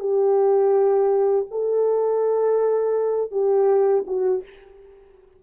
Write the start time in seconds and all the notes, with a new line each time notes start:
0.00 G4
1.51 A4
3.32 G4
4.07 F#4